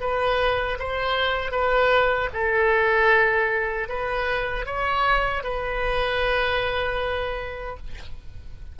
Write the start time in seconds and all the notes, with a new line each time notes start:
0.00 B4
0.79 C5
1.51 B4
2.33 A4
3.89 B4
4.65 C#5
5.43 B4